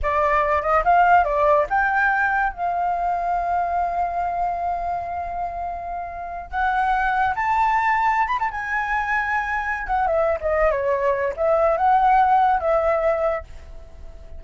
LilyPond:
\new Staff \with { instrumentName = "flute" } { \time 4/4 \tempo 4 = 143 d''4. dis''8 f''4 d''4 | g''2 f''2~ | f''1~ | f''2.~ f''8 fis''8~ |
fis''4. a''2~ a''16 b''16 | a''16 gis''2.~ gis''16 fis''8 | e''8. dis''8. cis''4. e''4 | fis''2 e''2 | }